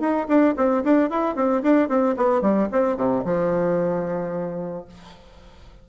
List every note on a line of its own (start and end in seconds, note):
0.00 0.27 D#4
0.28 0.55 D4
0.57 0.84 C4
0.84 1.10 D4
1.10 1.36 E4
1.36 1.62 C4
1.63 1.89 D4
1.89 2.16 C4
2.17 2.42 B3
2.42 2.68 G3
2.72 2.97 C4
2.97 3.24 C3
3.25 4.86 F3